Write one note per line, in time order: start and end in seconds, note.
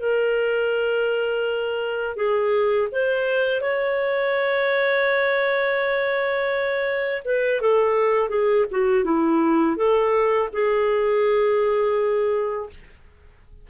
0.00 2.17 A#4
2.17 2.89 G#4
2.92 3.61 C5
3.61 7.23 C#5
7.25 7.61 B4
7.61 8.30 A4
8.30 8.66 G#4
8.71 9.05 F#4
9.05 9.77 E4
9.77 10.49 A4
10.53 12.70 G#4